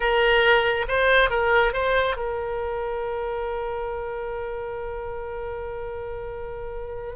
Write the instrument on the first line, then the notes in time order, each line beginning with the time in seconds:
oboe
0.00 A#4
0.88 C5
1.30 A#4
1.73 C5
2.16 A#4